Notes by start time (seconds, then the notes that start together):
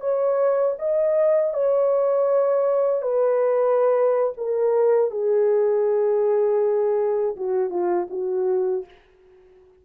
0.00 C#5
0.78 D#5
1.53 C#5
3.02 B4
4.37 A#4
5.10 G#4
7.36 F#4
7.70 F4
8.10 F#4